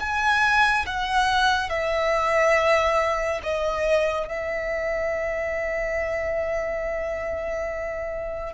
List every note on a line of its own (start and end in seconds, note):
0.00 0.86 G#5
0.87 1.70 F#5
1.70 3.41 E5
3.43 4.28 D#5
4.28 8.54 E5